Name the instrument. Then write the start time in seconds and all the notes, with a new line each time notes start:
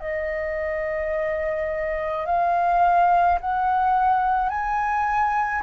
flute
0.00 D#5
2.26 F5
3.41 F#5
4.50 G#5